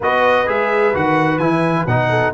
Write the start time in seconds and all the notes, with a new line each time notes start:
0.00 B3 F#4 B4 D#5
0.46 G#3 G#4 E5
0.94 D#3 F#4 F#5
1.38 E3 E4 G#5
1.86 B2 D#4 F#5
2.09 A4